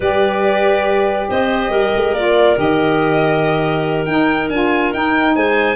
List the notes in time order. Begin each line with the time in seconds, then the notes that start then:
0.00 G3 G4 B4 D5
1.28 C4 C5 D#5
1.69 G3 A#4
1.96 G#3
2.12 A#3 F4 D5
2.56 D#3 G4 D#5
4.05 D#4 G5
4.49 D4 F4 G#5
4.93 D#4 G5
5.35 G#3 C5 G#5